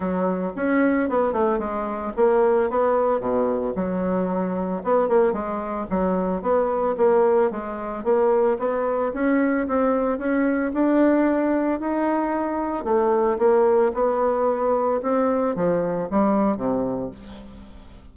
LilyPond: \new Staff \with { instrumentName = "bassoon" } { \time 4/4 \tempo 4 = 112 fis4 cis'4 b8 a8 gis4 | ais4 b4 b,4 fis4~ | fis4 b8 ais8 gis4 fis4 | b4 ais4 gis4 ais4 |
b4 cis'4 c'4 cis'4 | d'2 dis'2 | a4 ais4 b2 | c'4 f4 g4 c4 | }